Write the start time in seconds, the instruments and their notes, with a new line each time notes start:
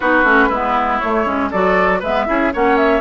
0.00 bassoon B3, clarinet D#4, oboe F#4, flute B4
0.23 bassoon A3, clarinet C#4
0.48 bassoon G#3, clarinet B3, oboe E4
0.99 clarinet A3, bassoon A3, flute C#5
1.25 bassoon G#3, clarinet C#4
1.50 bassoon F#3, clarinet F#4, oboe A4, flute D5
1.99 bassoon G#3, clarinet B3, oboe B4, flute E5
2.26 bassoon C#4, clarinet E4, oboe G#4
2.53 bassoon A#3, clarinet C#4, oboe C#5, flute F#5
2.77 flute E5